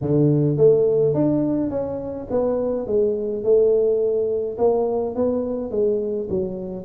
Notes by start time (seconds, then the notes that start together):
0.01 D3
0.57 A3
1.14 D4
1.70 C#4
2.30 B3
2.86 G#3
3.43 A3
4.58 A#3
5.15 B3
5.70 G#3
6.29 F#3